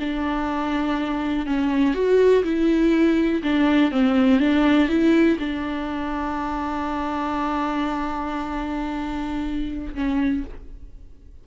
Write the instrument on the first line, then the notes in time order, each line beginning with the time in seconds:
viola
0.00 D4
1.46 C#4
1.95 F#4
2.44 E4
3.44 D4
3.92 C4
4.40 D4
4.89 E4
5.40 D4
9.95 C#4